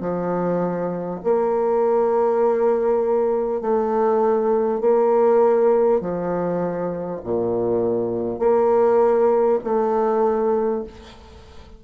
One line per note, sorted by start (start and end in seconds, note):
0.00 1.20 F3
1.23 3.61 A#3
3.61 4.80 A3
4.80 6.00 A#3
6.01 7.21 F3
7.24 8.39 A#2
8.39 9.59 A#3
9.63 10.83 A3